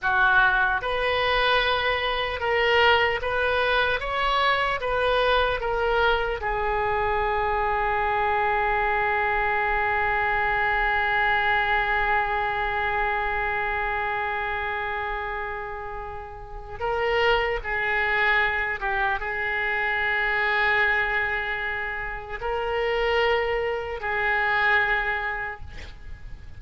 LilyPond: \new Staff \with { instrumentName = "oboe" } { \time 4/4 \tempo 4 = 75 fis'4 b'2 ais'4 | b'4 cis''4 b'4 ais'4 | gis'1~ | gis'1~ |
gis'1~ | gis'4 ais'4 gis'4. g'8 | gis'1 | ais'2 gis'2 | }